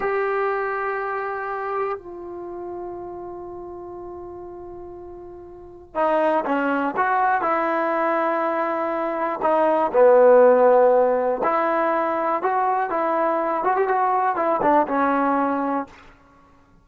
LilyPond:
\new Staff \with { instrumentName = "trombone" } { \time 4/4 \tempo 4 = 121 g'1 | f'1~ | f'1 | dis'4 cis'4 fis'4 e'4~ |
e'2. dis'4 | b2. e'4~ | e'4 fis'4 e'4. fis'16 g'16 | fis'4 e'8 d'8 cis'2 | }